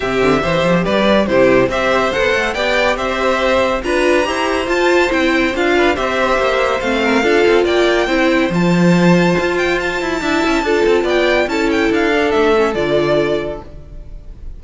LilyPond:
<<
  \new Staff \with { instrumentName = "violin" } { \time 4/4 \tempo 4 = 141 e''2 d''4 c''4 | e''4 fis''4 g''4 e''4~ | e''4 ais''2 a''4 | g''4 f''4 e''2 |
f''2 g''2 | a''2~ a''8 g''8 a''4~ | a''2 g''4 a''8 g''8 | f''4 e''4 d''2 | }
  \new Staff \with { instrumentName = "violin" } { \time 4/4 g'4 c''4 b'4 g'4 | c''2 d''4 c''4~ | c''4 b'4 c''2~ | c''4. b'8 c''2~ |
c''8 ais'8 a'4 d''4 c''4~ | c''1 | e''4 a'4 d''4 a'4~ | a'1 | }
  \new Staff \with { instrumentName = "viola" } { \time 4/4 c'4 g'2 e'4 | g'4 a'4 g'2~ | g'4 f'4 g'4 f'4 | e'4 f'4 g'2 |
c'4 f'2 e'4 | f'1 | e'4 f'2 e'4~ | e'8 d'4 cis'8 f'2 | }
  \new Staff \with { instrumentName = "cello" } { \time 4/4 c8 d8 e8 f8 g4 c4 | c'4 b8 a8 b4 c'4~ | c'4 d'4 e'4 f'4 | c'4 d'4 c'4 ais4 |
a4 d'8 c'8 ais4 c'4 | f2 f'4. e'8 | d'8 cis'8 d'8 c'8 b4 cis'4 | d'4 a4 d2 | }
>>